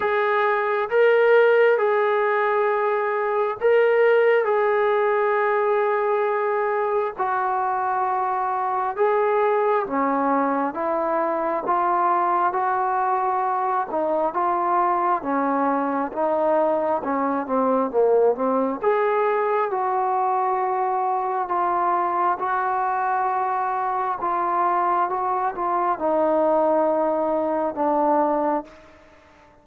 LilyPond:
\new Staff \with { instrumentName = "trombone" } { \time 4/4 \tempo 4 = 67 gis'4 ais'4 gis'2 | ais'4 gis'2. | fis'2 gis'4 cis'4 | e'4 f'4 fis'4. dis'8 |
f'4 cis'4 dis'4 cis'8 c'8 | ais8 c'8 gis'4 fis'2 | f'4 fis'2 f'4 | fis'8 f'8 dis'2 d'4 | }